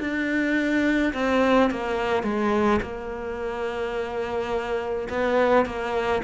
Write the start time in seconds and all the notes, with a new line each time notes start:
0.00 D4
1.14 C4
1.70 A#3
2.23 G#3
2.82 A#3
5.09 B3
5.66 A#3